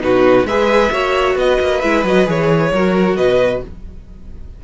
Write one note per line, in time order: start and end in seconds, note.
0.00 0.44 B2
0.00 0.45 D#4
0.00 0.47 F#4
0.00 0.47 B4
0.44 0.89 G#3
0.44 0.92 G#4
0.44 0.92 B4
0.44 1.37 E5
0.92 1.36 A#3
0.92 1.82 F#4
0.92 1.37 C#5
1.36 1.58 B3
1.36 2.72 B4
1.36 1.81 D#5
1.61 1.83 A#3
1.81 2.04 G#3
1.81 2.05 E4
1.81 2.04 E5
2.04 2.27 F#3
2.04 2.26 F#4
2.04 2.29 D#5
2.26 2.72 E3
2.26 2.71 G#4
2.26 3.17 C#5
2.72 3.16 F#3
2.72 3.64 F#4
2.72 3.17 A#4
3.16 3.61 B2
3.16 3.62 B4
3.16 3.62 D#5